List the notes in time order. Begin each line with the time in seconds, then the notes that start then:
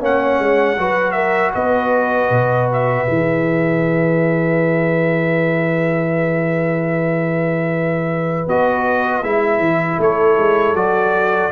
0.00 A#3 C#4 C#5 F#5
0.39 G#3
0.77 F#3 F#4 B4
1.12 A#4 E5
1.54 B3 B4 D#5
2.30 B2
2.73 E5
3.07 E3 G#4
8.47 B3 F#4 D#5
9.23 G#3 E4 E5
9.59 E3
9.98 A3 A4 C#5
10.37 G#3
10.74 F#3 F#4 D5